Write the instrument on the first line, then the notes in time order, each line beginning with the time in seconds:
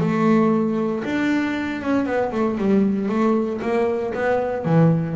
double bass
0.00 A3
1.04 D4
1.82 C#4
2.05 B3
2.32 A3
2.58 G3
3.08 A3
3.62 A#3
4.14 B3
4.65 E3